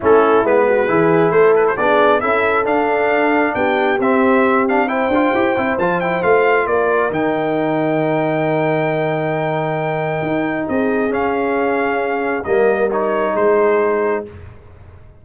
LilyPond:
<<
  \new Staff \with { instrumentName = "trumpet" } { \time 4/4 \tempo 4 = 135 a'4 b'2 c''8 b'16 c''16 | d''4 e''4 f''2 | g''4 e''4. f''8 g''4~ | g''4 a''8 g''8 f''4 d''4 |
g''1~ | g''1 | dis''4 f''2. | dis''4 cis''4 c''2 | }
  \new Staff \with { instrumentName = "horn" } { \time 4/4 e'4. fis'8 gis'4 a'4 | gis'4 a'2. | g'2. c''4~ | c''2. ais'4~ |
ais'1~ | ais'1 | gis'1 | ais'2 gis'2 | }
  \new Staff \with { instrumentName = "trombone" } { \time 4/4 cis'4 b4 e'2 | d'4 e'4 d'2~ | d'4 c'4. d'8 e'8 f'8 | g'8 e'8 f'8 e'8 f'2 |
dis'1~ | dis'1~ | dis'4 cis'2. | ais4 dis'2. | }
  \new Staff \with { instrumentName = "tuba" } { \time 4/4 a4 gis4 e4 a4 | b4 cis'4 d'2 | b4 c'2~ c'8 d'8 | e'8 c'8 f4 a4 ais4 |
dis1~ | dis2. dis'4 | c'4 cis'2. | g2 gis2 | }
>>